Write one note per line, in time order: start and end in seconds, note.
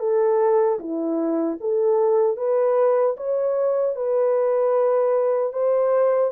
0.00 0.79 A4
0.79 1.58 E4
1.60 2.37 A4
2.37 3.16 B4
3.17 3.96 C#5
3.96 5.53 B4
5.53 6.32 C5